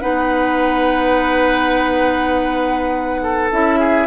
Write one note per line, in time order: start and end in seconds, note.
0.00 3.51 B3
0.00 3.50 D#4
0.00 3.21 B4
0.00 3.50 F#5
3.23 3.79 A4
3.51 4.07 C#4
3.51 4.07 E4
3.51 4.07 E5
3.79 4.07 G#4